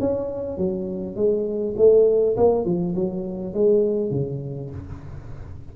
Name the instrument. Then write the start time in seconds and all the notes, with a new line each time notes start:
tuba
0.00 C#4
0.58 F#3
1.16 G#3
1.77 A3
2.37 A#3
2.65 F3
2.95 F#3
3.54 G#3
4.11 C#3